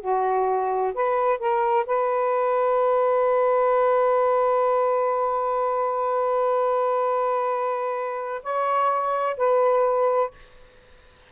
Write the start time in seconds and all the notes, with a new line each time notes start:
0.00 F#4
0.94 B4
1.39 A#4
1.86 B4
8.43 C#5
9.37 B4